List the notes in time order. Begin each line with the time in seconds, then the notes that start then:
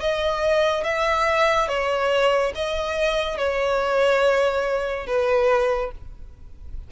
0.00 D#5
0.84 E5
1.68 C#5
2.55 D#5
3.37 C#5
5.07 B4